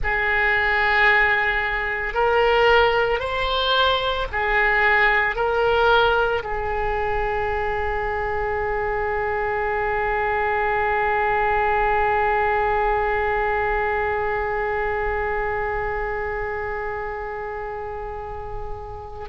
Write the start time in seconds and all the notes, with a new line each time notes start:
0.03 G#4
2.14 A#4
3.19 C5
4.31 G#4
5.35 A#4
6.43 G#4